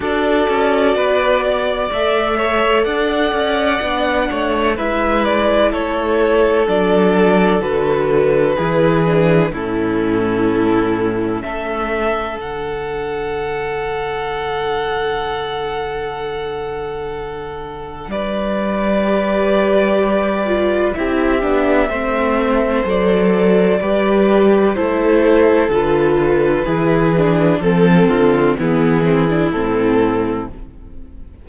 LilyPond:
<<
  \new Staff \with { instrumentName = "violin" } { \time 4/4 \tempo 4 = 63 d''2 e''4 fis''4~ | fis''4 e''8 d''8 cis''4 d''4 | b'2 a'2 | e''4 fis''2.~ |
fis''2. d''4~ | d''2 e''2 | d''2 c''4 b'4~ | b'4 a'4 gis'4 a'4 | }
  \new Staff \with { instrumentName = "violin" } { \time 4/4 a'4 b'8 d''4 cis''8 d''4~ | d''8 cis''8 b'4 a'2~ | a'4 gis'4 e'2 | a'1~ |
a'2. b'4~ | b'2 g'4 c''4~ | c''4 b'4 a'2 | gis'4 a'8 f'8 e'2 | }
  \new Staff \with { instrumentName = "viola" } { \time 4/4 fis'2 a'2 | d'4 e'2 d'4 | fis'4 e'8 d'8 cis'2~ | cis'4 d'2.~ |
d'1 | g'4. f'8 e'8 d'8 c'4 | a'4 g'4 e'4 f'4 | e'8 d'8 c'4 b8 c'16 d'16 c'4 | }
  \new Staff \with { instrumentName = "cello" } { \time 4/4 d'8 cis'8 b4 a4 d'8 cis'8 | b8 a8 gis4 a4 fis4 | d4 e4 a,2 | a4 d2.~ |
d2. g4~ | g2 c'8 b8 a4 | fis4 g4 a4 d4 | e4 f8 d8 e4 a,4 | }
>>